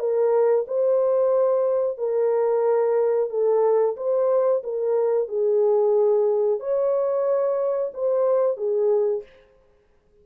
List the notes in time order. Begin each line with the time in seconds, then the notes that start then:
0.00 A#4
0.68 C5
1.98 A#4
3.30 A4
3.97 C5
4.64 A#4
5.28 G#4
6.60 C#5
7.94 C5
8.57 G#4